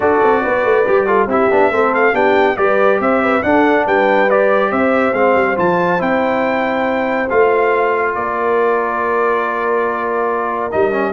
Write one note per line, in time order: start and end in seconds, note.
0.00 0.20 D4
0.00 0.85 F#4
0.00 0.42 A4
0.00 1.28 D5
0.23 0.44 C4
0.42 0.64 B3
0.42 1.06 B4
0.64 0.85 A3
0.87 1.27 G3
0.87 1.07 G4
1.06 1.28 F4
1.06 1.28 A4
1.27 1.48 C4
1.27 1.50 E4
1.27 1.71 G4
1.27 1.94 E5
1.50 1.70 B3
1.50 1.72 D4
1.70 2.13 A3
1.70 2.13 C4
1.70 2.13 A4
1.94 2.15 F5
2.13 2.56 B3
2.13 2.56 D4
2.13 2.56 G4
2.13 2.56 G5
2.56 3.00 G3
2.56 3.42 G4
2.56 3.00 B4
2.56 2.99 D5
3.00 3.42 C4
3.00 3.22 C5
3.00 3.42 E5
3.23 3.44 B4
3.42 4.28 D4
3.42 3.86 D4
3.42 3.85 A4
3.42 3.85 F#5
3.85 4.71 G3
3.85 4.70 B4
3.85 4.29 G5
4.29 5.14 G4
4.29 4.72 D5
4.70 5.12 C4
4.70 8.13 C5
4.70 5.13 E5
5.12 5.34 G#3
5.12 5.56 C4
5.12 5.56 F5
5.35 5.56 G3
5.56 6.00 F3
5.56 5.98 F4
5.56 6.01 A5
5.98 7.29 C4
5.98 7.27 E4
5.98 7.29 G5
7.29 8.15 A3
7.29 10.71 F4
7.29 8.14 F5
8.14 10.72 A#3
8.14 11.13 A#4
8.14 10.71 D5
10.71 11.13 G3
10.71 10.91 D#4
10.71 11.13 D#5
10.91 11.13 C#4